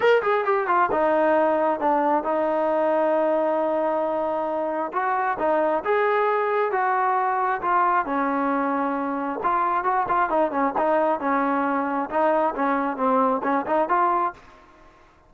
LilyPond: \new Staff \with { instrumentName = "trombone" } { \time 4/4 \tempo 4 = 134 ais'8 gis'8 g'8 f'8 dis'2 | d'4 dis'2.~ | dis'2. fis'4 | dis'4 gis'2 fis'4~ |
fis'4 f'4 cis'2~ | cis'4 f'4 fis'8 f'8 dis'8 cis'8 | dis'4 cis'2 dis'4 | cis'4 c'4 cis'8 dis'8 f'4 | }